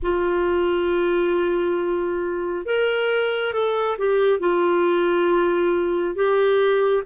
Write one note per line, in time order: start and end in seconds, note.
0.02 2.65 F4
2.65 3.53 A#4
3.53 3.97 A4
3.98 4.39 G4
4.39 6.15 F4
6.15 7.03 G4